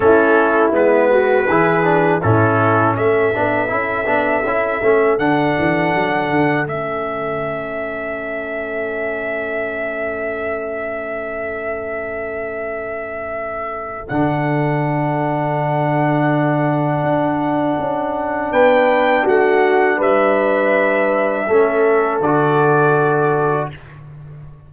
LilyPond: <<
  \new Staff \with { instrumentName = "trumpet" } { \time 4/4 \tempo 4 = 81 a'4 b'2 a'4 | e''2. fis''4~ | fis''4 e''2.~ | e''1~ |
e''2. fis''4~ | fis''1~ | fis''4 g''4 fis''4 e''4~ | e''2 d''2 | }
  \new Staff \with { instrumentName = "horn" } { \time 4/4 e'4. fis'8 gis'4 e'4 | a'1~ | a'1~ | a'1~ |
a'1~ | a'1~ | a'4 b'4 fis'4 b'4~ | b'4 a'2. | }
  \new Staff \with { instrumentName = "trombone" } { \time 4/4 cis'4 b4 e'8 d'8 cis'4~ | cis'8 d'8 e'8 d'8 e'8 cis'8 d'4~ | d'4 cis'2.~ | cis'1~ |
cis'2. d'4~ | d'1~ | d'1~ | d'4 cis'4 fis'2 | }
  \new Staff \with { instrumentName = "tuba" } { \time 4/4 a4 gis4 e4 a,4 | a8 b8 cis'8 b8 cis'8 a8 d8 e8 | fis8 d8 a2.~ | a1~ |
a2. d4~ | d2. d'4 | cis'4 b4 a4 g4~ | g4 a4 d2 | }
>>